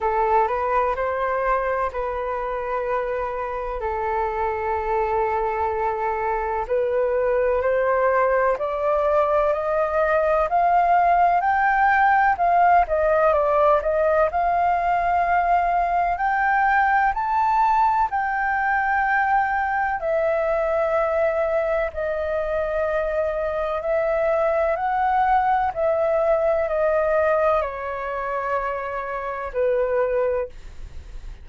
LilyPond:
\new Staff \with { instrumentName = "flute" } { \time 4/4 \tempo 4 = 63 a'8 b'8 c''4 b'2 | a'2. b'4 | c''4 d''4 dis''4 f''4 | g''4 f''8 dis''8 d''8 dis''8 f''4~ |
f''4 g''4 a''4 g''4~ | g''4 e''2 dis''4~ | dis''4 e''4 fis''4 e''4 | dis''4 cis''2 b'4 | }